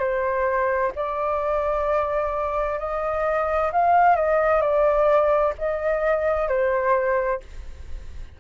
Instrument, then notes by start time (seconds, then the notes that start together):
flute
0.00 C5
0.96 D5
2.79 D#5
3.73 F5
4.17 D#5
4.62 D5
5.59 D#5
6.49 C5